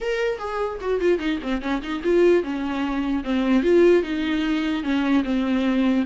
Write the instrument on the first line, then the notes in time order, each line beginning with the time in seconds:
viola
0.01 A#4
0.38 G#4
0.80 F#4
1.00 F4
1.19 D#4
1.42 C4
1.61 C#4
1.82 D#4
2.03 F4
2.43 C#4
3.24 C4
3.62 F4
4.02 D#4
4.83 C#4
5.24 C4